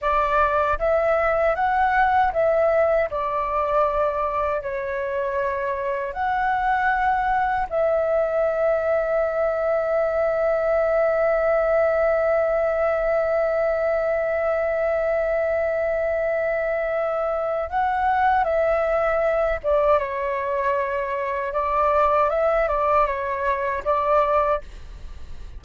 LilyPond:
\new Staff \with { instrumentName = "flute" } { \time 4/4 \tempo 4 = 78 d''4 e''4 fis''4 e''4 | d''2 cis''2 | fis''2 e''2~ | e''1~ |
e''1~ | e''2. fis''4 | e''4. d''8 cis''2 | d''4 e''8 d''8 cis''4 d''4 | }